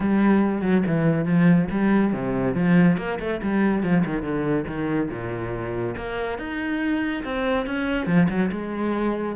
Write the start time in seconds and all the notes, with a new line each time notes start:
0.00 G3
0.61 F#3
0.86 E3
1.25 F3
1.71 G3
2.13 C3
2.54 F3
2.97 A#3
3.19 A3
3.42 G3
3.82 F3
4.05 D#3
4.22 D3
4.67 D#3
5.10 A#2
5.96 A#3
6.38 D#4
7.23 C4
7.66 C#4
8.06 F3
8.29 F#3
8.51 G#3